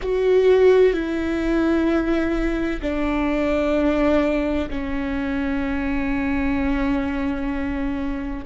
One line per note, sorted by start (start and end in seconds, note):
0.02 0.93 F#4
0.93 2.80 E4
2.81 4.69 D4
4.70 8.45 C#4